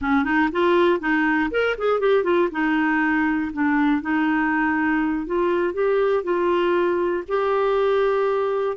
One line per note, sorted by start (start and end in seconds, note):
0.01 0.24 C#4
0.24 0.49 D#4
0.51 1.00 F4
1.00 1.50 D#4
1.50 1.75 A#4
1.78 2.00 G#4
2.00 2.23 G4
2.23 2.48 F4
2.51 3.51 D#4
3.52 4.01 D4
4.01 5.26 D#4
5.26 5.73 F4
5.73 6.23 G4
6.23 7.23 F4
7.28 8.76 G4